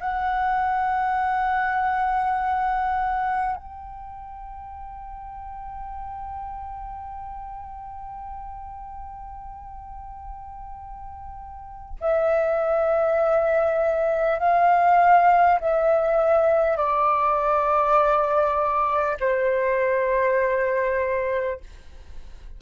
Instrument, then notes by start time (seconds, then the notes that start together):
flute
0.00 F#5
3.56 G5
12.01 E5
14.39 F5
15.60 E5
16.77 D5
19.20 C5